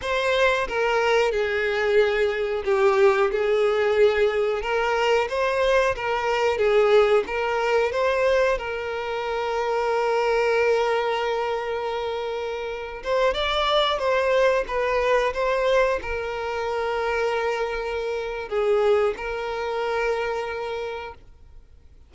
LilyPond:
\new Staff \with { instrumentName = "violin" } { \time 4/4 \tempo 4 = 91 c''4 ais'4 gis'2 | g'4 gis'2 ais'4 | c''4 ais'4 gis'4 ais'4 | c''4 ais'2.~ |
ais'2.~ ais'8. c''16~ | c''16 d''4 c''4 b'4 c''8.~ | c''16 ais'2.~ ais'8. | gis'4 ais'2. | }